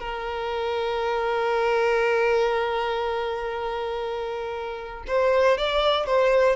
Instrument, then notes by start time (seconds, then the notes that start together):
violin
0.00 A#4
5.08 C5
5.58 D5
6.06 C5